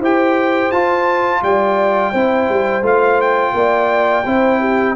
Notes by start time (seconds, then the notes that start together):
0.00 E4 G4 C5 G5
0.71 F4 A5
1.42 G3 D5 G5
2.12 C4 E4 C5
2.49 G3
2.82 A3 F4 F5
3.21 G5
3.53 A#3 D5
4.26 C4 E4 C5
4.60 G4